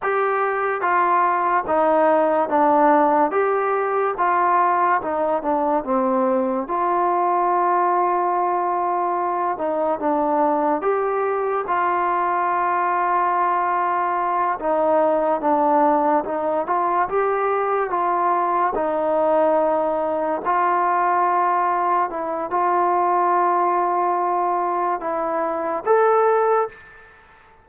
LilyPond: \new Staff \with { instrumentName = "trombone" } { \time 4/4 \tempo 4 = 72 g'4 f'4 dis'4 d'4 | g'4 f'4 dis'8 d'8 c'4 | f'2.~ f'8 dis'8 | d'4 g'4 f'2~ |
f'4. dis'4 d'4 dis'8 | f'8 g'4 f'4 dis'4.~ | dis'8 f'2 e'8 f'4~ | f'2 e'4 a'4 | }